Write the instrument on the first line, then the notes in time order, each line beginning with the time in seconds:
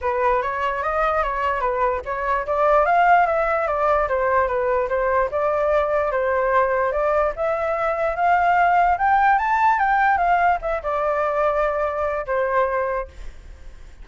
flute
0.01 B4
0.42 C#5
0.82 D#5
1.23 C#5
1.60 B4
2.05 C#5
2.46 D5
2.85 F5
3.26 E5
3.67 D5
4.08 C5
4.47 B4
4.88 C5
5.31 D5
6.11 C5
6.91 D5
7.35 E5
8.16 F5
8.98 G5
9.38 A5
9.78 G5
10.17 F5
10.61 E5
10.83 D5
12.26 C5